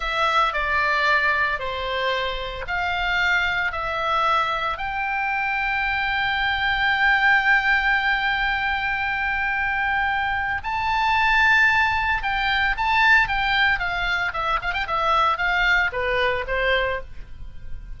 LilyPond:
\new Staff \with { instrumentName = "oboe" } { \time 4/4 \tempo 4 = 113 e''4 d''2 c''4~ | c''4 f''2 e''4~ | e''4 g''2.~ | g''1~ |
g''1 | a''2. g''4 | a''4 g''4 f''4 e''8 f''16 g''16 | e''4 f''4 b'4 c''4 | }